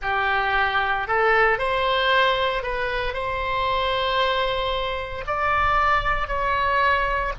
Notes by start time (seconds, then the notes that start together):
0.02 G4
1.07 A4
1.58 C5
2.62 B4
3.13 C5
5.26 D5
6.27 C#5